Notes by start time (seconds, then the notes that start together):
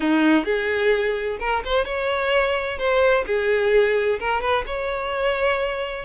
0.00 D#4
0.45 G#4
1.39 A#4
1.64 C5
1.85 C#5
2.78 C5
3.26 G#4
4.19 A#4
4.41 B4
4.66 C#5